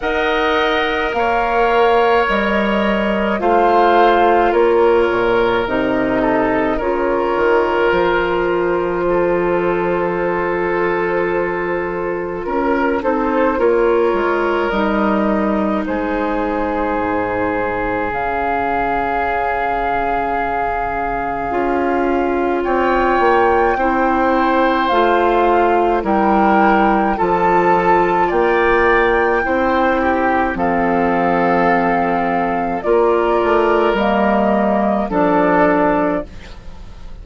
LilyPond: <<
  \new Staff \with { instrumentName = "flute" } { \time 4/4 \tempo 4 = 53 fis''4 f''4 dis''4 f''4 | cis''4 dis''4 cis''4 c''4~ | c''2. ais'8 c''8 | cis''4 dis''4 c''2 |
f''1 | g''2 f''4 g''4 | a''4 g''2 f''4~ | f''4 d''4 dis''4 d''4 | }
  \new Staff \with { instrumentName = "oboe" } { \time 4/4 dis''4 cis''2 c''4 | ais'4. a'8 ais'2 | a'2. ais'8 a'8 | ais'2 gis'2~ |
gis'1 | cis''4 c''2 ais'4 | a'4 d''4 c''8 g'8 a'4~ | a'4 ais'2 a'4 | }
  \new Staff \with { instrumentName = "clarinet" } { \time 4/4 ais'2. f'4~ | f'4 dis'4 f'2~ | f'2.~ f'8 dis'8 | f'4 dis'2. |
cis'2. f'4~ | f'4 e'4 f'4 e'4 | f'2 e'4 c'4~ | c'4 f'4 ais4 d'4 | }
  \new Staff \with { instrumentName = "bassoon" } { \time 4/4 dis'4 ais4 g4 a4 | ais8 ais,8 c4 cis8 dis8 f4~ | f2. cis'8 c'8 | ais8 gis8 g4 gis4 gis,4 |
cis2. cis'4 | c'8 ais8 c'4 a4 g4 | f4 ais4 c'4 f4~ | f4 ais8 a8 g4 f4 | }
>>